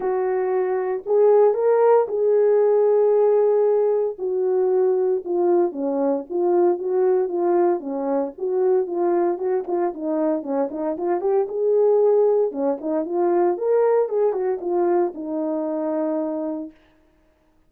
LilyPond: \new Staff \with { instrumentName = "horn" } { \time 4/4 \tempo 4 = 115 fis'2 gis'4 ais'4 | gis'1 | fis'2 f'4 cis'4 | f'4 fis'4 f'4 cis'4 |
fis'4 f'4 fis'8 f'8 dis'4 | cis'8 dis'8 f'8 g'8 gis'2 | cis'8 dis'8 f'4 ais'4 gis'8 fis'8 | f'4 dis'2. | }